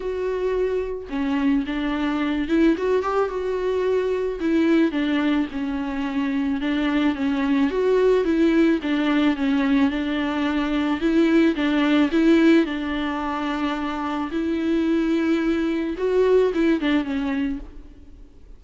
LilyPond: \new Staff \with { instrumentName = "viola" } { \time 4/4 \tempo 4 = 109 fis'2 cis'4 d'4~ | d'8 e'8 fis'8 g'8 fis'2 | e'4 d'4 cis'2 | d'4 cis'4 fis'4 e'4 |
d'4 cis'4 d'2 | e'4 d'4 e'4 d'4~ | d'2 e'2~ | e'4 fis'4 e'8 d'8 cis'4 | }